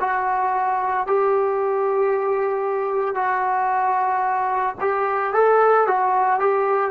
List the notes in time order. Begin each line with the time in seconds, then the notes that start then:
0.00 F#4
1.06 G4
3.15 F#4
4.80 G4
5.33 A4
5.87 F#4
6.39 G4